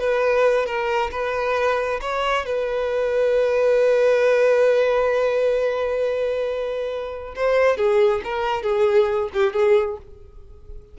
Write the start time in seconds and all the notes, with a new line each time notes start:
0.00 B4
0.66 A#4
1.12 B4
2.01 C#5
2.46 B4
7.36 C5
7.78 G#4
8.24 A#4
8.63 G#4
9.33 G4
9.54 G#4